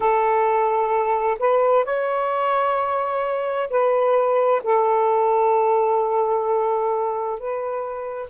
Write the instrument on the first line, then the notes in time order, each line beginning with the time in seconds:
saxophone
0.00 A4
1.38 B4
1.85 C#5
3.69 B4
4.63 A4
7.39 B4